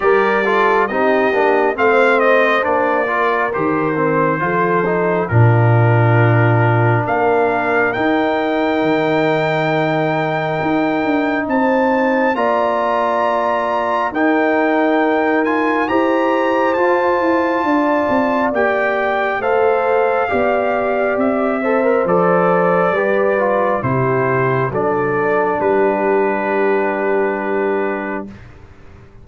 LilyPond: <<
  \new Staff \with { instrumentName = "trumpet" } { \time 4/4 \tempo 4 = 68 d''4 dis''4 f''8 dis''8 d''4 | c''2 ais'2 | f''4 g''2.~ | g''4 a''4 ais''2 |
g''4. gis''8 ais''4 a''4~ | a''4 g''4 f''2 | e''4 d''2 c''4 | d''4 b'2. | }
  \new Staff \with { instrumentName = "horn" } { \time 4/4 ais'8 a'8 g'4 c''4. ais'8~ | ais'4 a'4 f'2 | ais'1~ | ais'4 c''4 d''2 |
ais'2 c''2 | d''2 c''4 d''4~ | d''8 c''4. b'4 g'4 | a'4 g'2. | }
  \new Staff \with { instrumentName = "trombone" } { \time 4/4 g'8 f'8 dis'8 d'8 c'4 d'8 f'8 | g'8 c'8 f'8 dis'8 d'2~ | d'4 dis'2.~ | dis'2 f'2 |
dis'4. f'8 g'4 f'4~ | f'4 g'4 a'4 g'4~ | g'8 a'16 ais'16 a'4 g'8 f'8 e'4 | d'1 | }
  \new Staff \with { instrumentName = "tuba" } { \time 4/4 g4 c'8 ais8 a4 ais4 | dis4 f4 ais,2 | ais4 dis'4 dis2 | dis'8 d'8 c'4 ais2 |
dis'2 e'4 f'8 e'8 | d'8 c'8 ais4 a4 b4 | c'4 f4 g4 c4 | fis4 g2. | }
>>